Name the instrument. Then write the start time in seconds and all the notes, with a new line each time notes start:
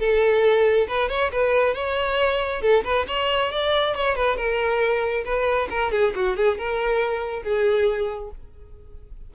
violin
0.00 A4
0.89 B4
1.10 C#5
1.33 B4
1.75 C#5
2.62 A4
2.85 B4
3.08 C#5
3.52 D5
3.96 C#5
4.16 B4
4.37 A#4
5.25 B4
5.71 A#4
5.92 G#4
6.16 F#4
6.37 G#4
6.59 A#4
7.43 G#4